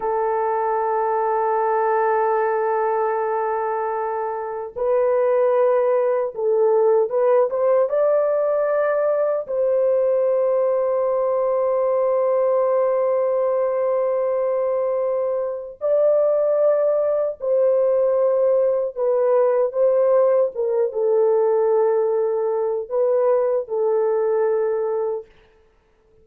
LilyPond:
\new Staff \with { instrumentName = "horn" } { \time 4/4 \tempo 4 = 76 a'1~ | a'2 b'2 | a'4 b'8 c''8 d''2 | c''1~ |
c''1 | d''2 c''2 | b'4 c''4 ais'8 a'4.~ | a'4 b'4 a'2 | }